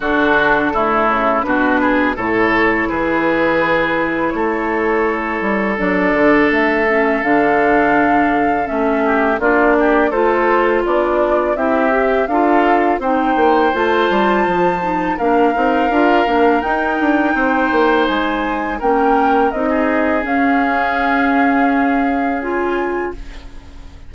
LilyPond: <<
  \new Staff \with { instrumentName = "flute" } { \time 4/4 \tempo 4 = 83 a'2 b'4 cis''4 | b'2 cis''2 | d''4 e''4 f''2 | e''4 d''4 c''4 d''4 |
e''4 f''4 g''4 a''4~ | a''4 f''2 g''4~ | g''4 gis''4 g''4 dis''4 | f''2. gis''4 | }
  \new Staff \with { instrumentName = "oboe" } { \time 4/4 fis'4 e'4 fis'8 gis'8 a'4 | gis'2 a'2~ | a'1~ | a'8 g'8 f'8 g'8 a'4 d'4 |
g'4 a'4 c''2~ | c''4 ais'2. | c''2 ais'4~ ais'16 gis'8.~ | gis'1 | }
  \new Staff \with { instrumentName = "clarinet" } { \time 4/4 d'4 a4 d'4 e'4~ | e'1 | d'4. cis'8 d'2 | cis'4 d'4 f'2 |
e'8 g'8 f'4 dis'4 f'4~ | f'8 dis'8 d'8 dis'8 f'8 d'8 dis'4~ | dis'2 cis'4 dis'4 | cis'2. f'4 | }
  \new Staff \with { instrumentName = "bassoon" } { \time 4/4 d4. cis8 b,4 a,4 | e2 a4. g8 | fis8 d8 a4 d2 | a4 ais4 a4 b4 |
c'4 d'4 c'8 ais8 a8 g8 | f4 ais8 c'8 d'8 ais8 dis'8 d'8 | c'8 ais8 gis4 ais4 c'4 | cis'1 | }
>>